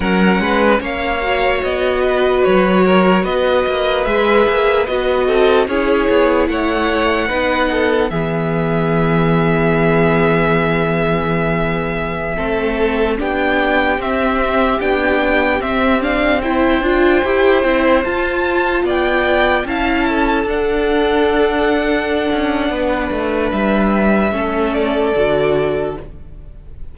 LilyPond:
<<
  \new Staff \with { instrumentName = "violin" } { \time 4/4 \tempo 4 = 74 fis''4 f''4 dis''4 cis''4 | dis''4 e''4 dis''4 cis''4 | fis''2 e''2~ | e''1~ |
e''16 g''4 e''4 g''4 e''8 f''16~ | f''16 g''2 a''4 g''8.~ | g''16 a''4 fis''2~ fis''8.~ | fis''4 e''4. d''4. | }
  \new Staff \with { instrumentName = "violin" } { \time 4/4 ais'8 b'8 cis''4. b'4 ais'8 | b'2~ b'8 a'8 gis'4 | cis''4 b'8 a'8 gis'2~ | gis'2.~ gis'16 a'8.~ |
a'16 g'2.~ g'8.~ | g'16 c''2. d''8.~ | d''16 f''8 a'2.~ a'16 | b'2 a'2 | }
  \new Staff \with { instrumentName = "viola" } { \time 4/4 cis'4. fis'2~ fis'8~ | fis'4 gis'4 fis'4 e'4~ | e'4 dis'4 b2~ | b2.~ b16 c'8.~ |
c'16 d'4 c'4 d'4 c'8 d'16~ | d'16 e'8 f'8 g'8 e'8 f'4.~ f'16~ | f'16 e'4 d'2~ d'8.~ | d'2 cis'4 fis'4 | }
  \new Staff \with { instrumentName = "cello" } { \time 4/4 fis8 gis8 ais4 b4 fis4 | b8 ais8 gis8 ais8 b8 c'8 cis'8 b8 | a4 b4 e2~ | e2.~ e16 a8.~ |
a16 b4 c'4 b4 c'8.~ | c'8. d'8 e'8 c'8 f'4 b8.~ | b16 cis'4 d'2~ d'16 cis'8 | b8 a8 g4 a4 d4 | }
>>